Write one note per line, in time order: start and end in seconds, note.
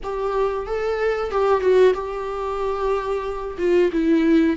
0.03 0.66 G4
0.66 1.31 A4
1.31 1.60 G4
1.60 1.93 F#4
1.94 3.57 G4
3.58 3.90 F4
3.92 4.57 E4